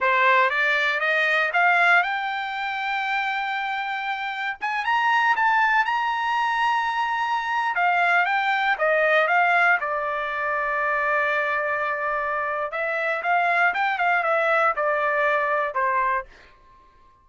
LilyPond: \new Staff \with { instrumentName = "trumpet" } { \time 4/4 \tempo 4 = 118 c''4 d''4 dis''4 f''4 | g''1~ | g''4 gis''8 ais''4 a''4 ais''8~ | ais''2.~ ais''16 f''8.~ |
f''16 g''4 dis''4 f''4 d''8.~ | d''1~ | d''4 e''4 f''4 g''8 f''8 | e''4 d''2 c''4 | }